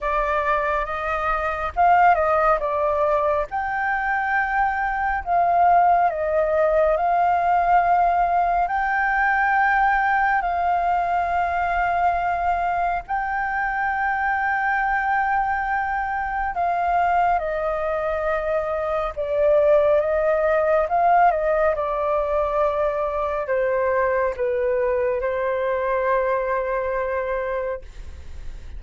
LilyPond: \new Staff \with { instrumentName = "flute" } { \time 4/4 \tempo 4 = 69 d''4 dis''4 f''8 dis''8 d''4 | g''2 f''4 dis''4 | f''2 g''2 | f''2. g''4~ |
g''2. f''4 | dis''2 d''4 dis''4 | f''8 dis''8 d''2 c''4 | b'4 c''2. | }